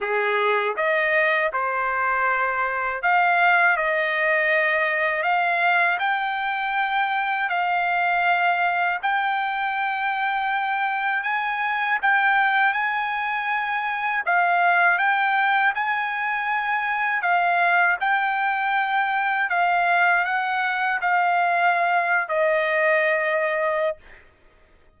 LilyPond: \new Staff \with { instrumentName = "trumpet" } { \time 4/4 \tempo 4 = 80 gis'4 dis''4 c''2 | f''4 dis''2 f''4 | g''2 f''2 | g''2. gis''4 |
g''4 gis''2 f''4 | g''4 gis''2 f''4 | g''2 f''4 fis''4 | f''4.~ f''16 dis''2~ dis''16 | }